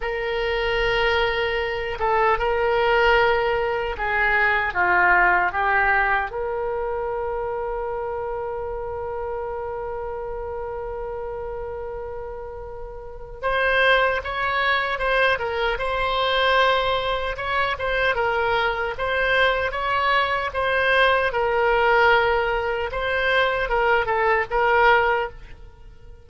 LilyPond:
\new Staff \with { instrumentName = "oboe" } { \time 4/4 \tempo 4 = 76 ais'2~ ais'8 a'8 ais'4~ | ais'4 gis'4 f'4 g'4 | ais'1~ | ais'1~ |
ais'4 c''4 cis''4 c''8 ais'8 | c''2 cis''8 c''8 ais'4 | c''4 cis''4 c''4 ais'4~ | ais'4 c''4 ais'8 a'8 ais'4 | }